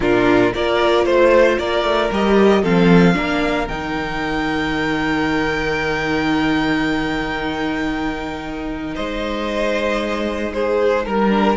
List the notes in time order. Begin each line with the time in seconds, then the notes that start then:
0.00 A#2 D4 F4 A#4
0.53 A#3 F4 A#4 D5
1.05 A3 C5
1.58 A#3 A#4 D5
1.83 A3
2.11 G3 G4 D#5
2.61 F3 C4 A4 F5
3.14 A#3 D4 A#4
3.68 D#3 D#4 G5
8.95 G#3 C5 D#5
10.53 G#4 C5
11.05 G3 A#4
11.29 D4